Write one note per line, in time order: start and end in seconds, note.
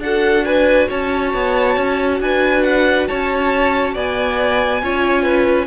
0.00 0.87 D4
0.00 4.82 F#4
0.00 0.45 A4
0.00 0.45 F#5
0.45 0.89 B4
0.45 0.89 G#5
0.89 1.34 C#4
0.89 2.19 C#5
0.89 2.20 A5
1.34 1.77 B3
1.77 2.20 C#4
2.20 3.07 D4
2.20 3.08 B4
2.20 2.64 G#5
2.64 3.07 F#5
3.08 3.95 C#4
3.08 3.94 C#5
3.08 3.95 A5
3.94 4.82 B3
3.94 4.81 D5
3.94 5.67 G#5
4.82 5.67 C#4
4.82 5.67 F4
4.82 5.22 C#5
5.22 5.66 B4